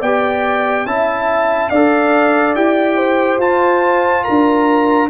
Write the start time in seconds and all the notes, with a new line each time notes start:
0.00 B3 G4 D5 G5
0.86 C#4 E4 E5 A5
1.69 D4 A4 D5 F5
2.55 E4 G4 G5
2.96 C5
3.37 F4 A5
4.24 D4 A#4 A#5